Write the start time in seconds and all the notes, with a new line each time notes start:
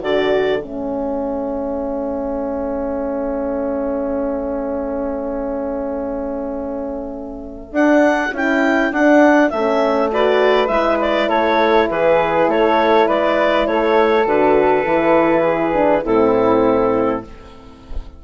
0.00 D3 F#4 A4 D5
0.62 A3 C#4 E5
7.72 D4 F#5
8.32 C#4 E4 G5
8.91 D4 F#5
9.50 A3 C#4 E5
10.12 F#4 B4 D5
10.67 G#3 E4 E5
11.01 D5
11.28 A3 A4 C#5
11.89 E3 G#4 B4
12.47 A3 A4 C#5
13.07 G#3 B4 D5
13.67 A3 A4 C#5
14.25 D3 F#4 B4
14.85 E3 E4
15.42 G#4
15.73 D4
16.03 A2 C4 E4 A4